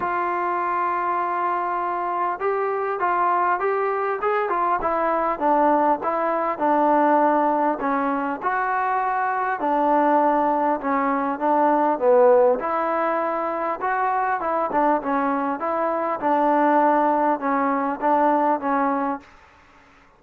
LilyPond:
\new Staff \with { instrumentName = "trombone" } { \time 4/4 \tempo 4 = 100 f'1 | g'4 f'4 g'4 gis'8 f'8 | e'4 d'4 e'4 d'4~ | d'4 cis'4 fis'2 |
d'2 cis'4 d'4 | b4 e'2 fis'4 | e'8 d'8 cis'4 e'4 d'4~ | d'4 cis'4 d'4 cis'4 | }